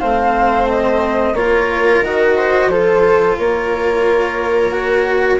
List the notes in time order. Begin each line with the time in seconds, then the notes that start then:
0.00 A3 C4 C5 F5
0.68 D#5
1.34 A#3 F4 C#5
1.40 A#4
2.01 D#3 F#4 D#5
2.37 C5
2.68 F3 F4 A4 C5
3.38 A#3 A#4 C#5
4.72 F#4